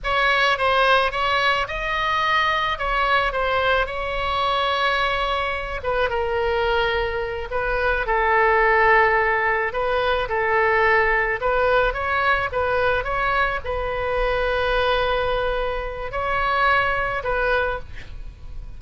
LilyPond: \new Staff \with { instrumentName = "oboe" } { \time 4/4 \tempo 4 = 108 cis''4 c''4 cis''4 dis''4~ | dis''4 cis''4 c''4 cis''4~ | cis''2~ cis''8 b'8 ais'4~ | ais'4. b'4 a'4.~ |
a'4. b'4 a'4.~ | a'8 b'4 cis''4 b'4 cis''8~ | cis''8 b'2.~ b'8~ | b'4 cis''2 b'4 | }